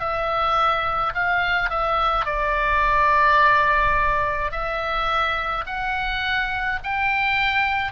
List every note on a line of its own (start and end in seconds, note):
0.00 1.13 E5
1.14 1.70 F5
1.70 2.26 E5
2.26 4.52 D5
4.52 5.65 E5
5.67 6.80 F#5
6.83 7.92 G5